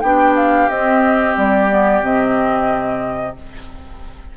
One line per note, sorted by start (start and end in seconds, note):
0.00 0.68 B3
0.00 0.70 D4
0.00 3.36 G4
0.00 0.33 G5
0.35 0.68 F5
0.69 1.35 C4
0.69 1.69 C4
0.69 1.35 D#5
1.37 2.02 G3
1.37 2.03 D5
1.69 2.02 B3
2.02 3.35 C3
2.02 3.36 C4
2.02 3.36 D#5